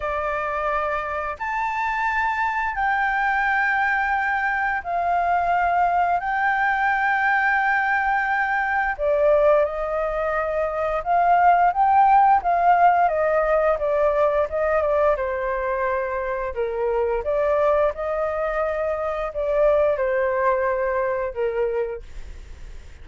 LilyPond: \new Staff \with { instrumentName = "flute" } { \time 4/4 \tempo 4 = 87 d''2 a''2 | g''2. f''4~ | f''4 g''2.~ | g''4 d''4 dis''2 |
f''4 g''4 f''4 dis''4 | d''4 dis''8 d''8 c''2 | ais'4 d''4 dis''2 | d''4 c''2 ais'4 | }